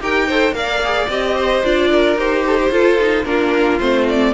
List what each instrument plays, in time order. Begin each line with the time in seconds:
0.00 cello D#4, viola G4, violin A#4 G5
0.28 viola A4, violin C5
0.52 cello A#3, viola A#4, violin D5 F5
0.84 viola G#4
1.09 cello C4, viola G4, violin D#5
1.35 violin C5
1.63 cello D4, viola F4, violin D5
1.90 violin A#4
2.16 cello D#4, viola G4, violin C5
2.47 violin A4
2.58 violin G4
2.70 cello F4, viola F4, violin A4
2.99 viola D#4
3.25 cello A#3, viola D4, violin F4 A#4
3.80 cello A3, viola C4, violin C5
4.09 violin D5